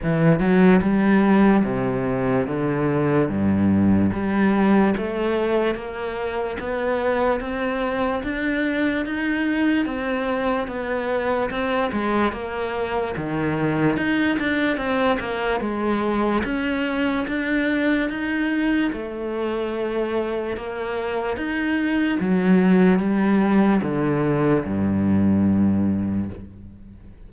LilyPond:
\new Staff \with { instrumentName = "cello" } { \time 4/4 \tempo 4 = 73 e8 fis8 g4 c4 d4 | g,4 g4 a4 ais4 | b4 c'4 d'4 dis'4 | c'4 b4 c'8 gis8 ais4 |
dis4 dis'8 d'8 c'8 ais8 gis4 | cis'4 d'4 dis'4 a4~ | a4 ais4 dis'4 fis4 | g4 d4 g,2 | }